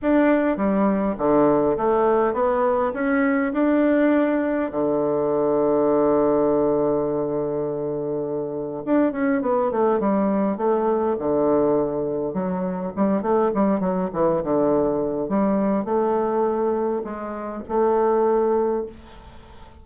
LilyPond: \new Staff \with { instrumentName = "bassoon" } { \time 4/4 \tempo 4 = 102 d'4 g4 d4 a4 | b4 cis'4 d'2 | d1~ | d2. d'8 cis'8 |
b8 a8 g4 a4 d4~ | d4 fis4 g8 a8 g8 fis8 | e8 d4. g4 a4~ | a4 gis4 a2 | }